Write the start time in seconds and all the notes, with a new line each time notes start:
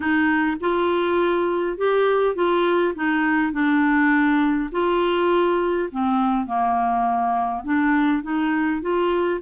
0.00 D#4
0.60 F4
1.77 G4
2.35 F4
2.95 D#4
3.52 D4
4.71 F4
5.91 C4
6.46 A#3
7.64 D4
8.22 D#4
8.81 F4